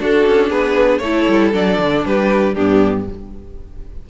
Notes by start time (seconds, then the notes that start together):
0.00 D4 F#4 A4
0.27 C#4
0.49 B3 G#4 B4
0.98 A3 A4 C#5
1.05 E4
1.29 G3
1.53 F#3 D4 D5
1.79 D3
2.06 G3 G4 B4
2.55 G2 B3 D4 G4